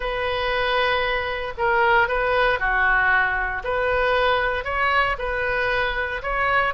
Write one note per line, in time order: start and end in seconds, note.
0.00 1.53 B4
1.57 2.07 A#4
2.07 2.59 B4
2.59 3.62 F#4
3.64 4.64 B4
4.64 5.16 C#5
5.18 6.22 B4
6.22 6.74 C#5